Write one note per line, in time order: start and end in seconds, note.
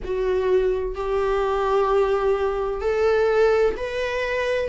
0.04 0.95 F#4
0.95 2.81 G4
2.81 3.75 A4
3.76 4.69 B4